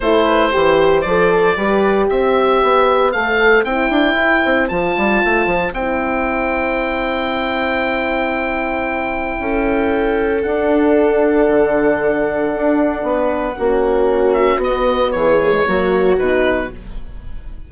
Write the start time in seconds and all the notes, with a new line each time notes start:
0.00 A3 E4 A4 C5
0.24 B4
0.51 E3 G4 C5
1.01 F3 D5
1.07 A4
1.56 G3 G4 B4
2.08 C4 C5 E5
2.62 B3
3.11 A3 A4 F5
3.64 C4 E4 G5
3.90 D4
4.14 E4
4.44 C4
4.68 F3 F4 A5
4.96 G3
5.24 A3
5.46 F3
5.72 C4 E4 G5
9.38 C#4 A4
10.42 D4 F#5
11.48 D3
12.55 D4
13.02 B3 B4
13.57 A#3 C#4 F#4
14.33 E5
14.56 B3
14.63 D#5
15.11 E3 G#4 C#5
15.42 A#3
15.51 G#3
15.66 F#3 A#3 F#4
16.18 B2 D#4 B4